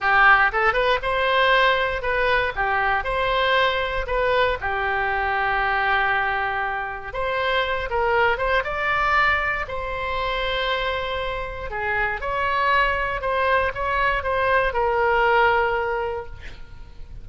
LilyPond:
\new Staff \with { instrumentName = "oboe" } { \time 4/4 \tempo 4 = 118 g'4 a'8 b'8 c''2 | b'4 g'4 c''2 | b'4 g'2.~ | g'2 c''4. ais'8~ |
ais'8 c''8 d''2 c''4~ | c''2. gis'4 | cis''2 c''4 cis''4 | c''4 ais'2. | }